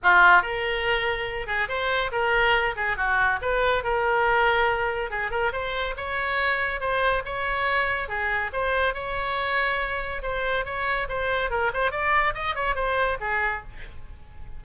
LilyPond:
\new Staff \with { instrumentName = "oboe" } { \time 4/4 \tempo 4 = 141 f'4 ais'2~ ais'8 gis'8 | c''4 ais'4. gis'8 fis'4 | b'4 ais'2. | gis'8 ais'8 c''4 cis''2 |
c''4 cis''2 gis'4 | c''4 cis''2. | c''4 cis''4 c''4 ais'8 c''8 | d''4 dis''8 cis''8 c''4 gis'4 | }